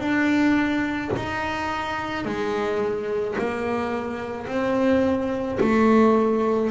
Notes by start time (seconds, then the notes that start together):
0.00 D4
1.17 D#4
2.26 G#3
3.39 A#3
4.48 C4
5.61 A3